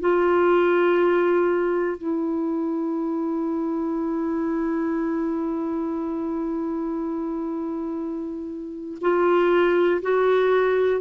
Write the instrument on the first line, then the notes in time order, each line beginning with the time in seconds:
clarinet
0.00 F4
1.98 E4
9.01 F4
10.02 F#4